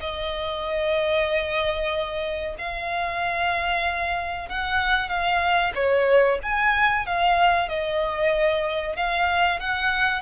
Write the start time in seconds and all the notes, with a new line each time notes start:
0.00 D#5
2.58 F5
4.49 F#5
5.09 F5
5.75 C#5
6.43 G#5
7.06 F5
7.69 D#5
8.96 F5
9.59 F#5